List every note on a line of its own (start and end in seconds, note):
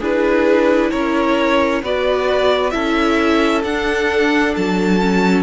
0.00 0.91 D4
0.00 1.84 E4
0.00 0.91 G#4
0.00 0.91 B4
0.91 1.82 C#4
0.91 1.82 A#4
0.91 1.82 C#5
1.82 2.73 B3
1.82 2.71 F#4
1.82 2.73 B4
1.82 2.70 D5
2.70 3.63 C#4
2.70 3.62 E4
2.70 5.43 A4
2.70 3.61 E5
3.63 4.54 D4
3.63 5.00 D4
3.63 4.55 F#5
4.56 5.43 F#3
4.56 5.43 A5
5.00 5.43 C#4